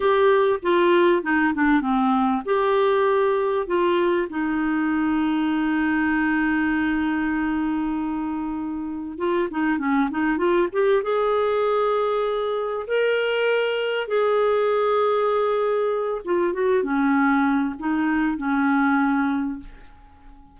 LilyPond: \new Staff \with { instrumentName = "clarinet" } { \time 4/4 \tempo 4 = 98 g'4 f'4 dis'8 d'8 c'4 | g'2 f'4 dis'4~ | dis'1~ | dis'2. f'8 dis'8 |
cis'8 dis'8 f'8 g'8 gis'2~ | gis'4 ais'2 gis'4~ | gis'2~ gis'8 f'8 fis'8 cis'8~ | cis'4 dis'4 cis'2 | }